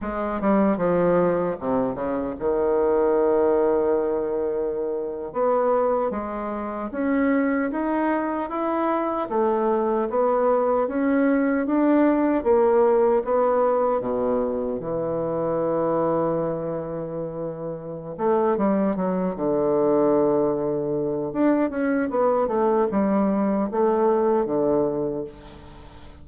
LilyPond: \new Staff \with { instrumentName = "bassoon" } { \time 4/4 \tempo 4 = 76 gis8 g8 f4 c8 cis8 dis4~ | dis2~ dis8. b4 gis16~ | gis8. cis'4 dis'4 e'4 a16~ | a8. b4 cis'4 d'4 ais16~ |
ais8. b4 b,4 e4~ e16~ | e2. a8 g8 | fis8 d2~ d8 d'8 cis'8 | b8 a8 g4 a4 d4 | }